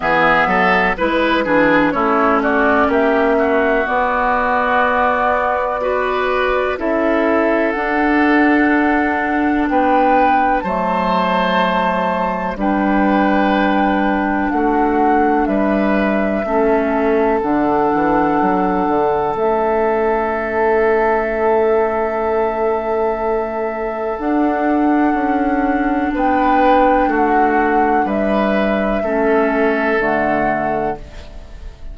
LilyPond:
<<
  \new Staff \with { instrumentName = "flute" } { \time 4/4 \tempo 4 = 62 e''4 b'4 cis''8 d''8 e''4 | d''2. e''4 | fis''2 g''4 a''4~ | a''4 g''2 fis''4 |
e''2 fis''2 | e''1~ | e''4 fis''2 g''4 | fis''4 e''2 fis''4 | }
  \new Staff \with { instrumentName = "oboe" } { \time 4/4 gis'8 a'8 b'8 gis'8 e'8 fis'8 g'8 fis'8~ | fis'2 b'4 a'4~ | a'2 b'4 c''4~ | c''4 b'2 fis'4 |
b'4 a'2.~ | a'1~ | a'2. b'4 | fis'4 b'4 a'2 | }
  \new Staff \with { instrumentName = "clarinet" } { \time 4/4 b4 e'8 d'8 cis'2 | b2 fis'4 e'4 | d'2. a4~ | a4 d'2.~ |
d'4 cis'4 d'2 | cis'1~ | cis'4 d'2.~ | d'2 cis'4 a4 | }
  \new Staff \with { instrumentName = "bassoon" } { \time 4/4 e8 fis8 gis8 e8 a4 ais4 | b2. cis'4 | d'2 b4 fis4~ | fis4 g2 a4 |
g4 a4 d8 e8 fis8 d8 | a1~ | a4 d'4 cis'4 b4 | a4 g4 a4 d4 | }
>>